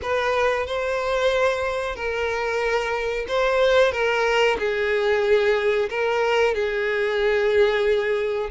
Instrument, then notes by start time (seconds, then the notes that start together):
violin
0.02 B4
0.66 C5
1.95 A#4
3.28 C5
3.92 A#4
4.59 G#4
5.89 A#4
6.54 G#4